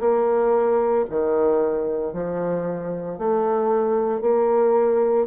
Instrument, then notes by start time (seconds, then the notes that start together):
bassoon
0.00 A#3
1.10 D#3
2.13 F3
3.18 A3
4.21 A#3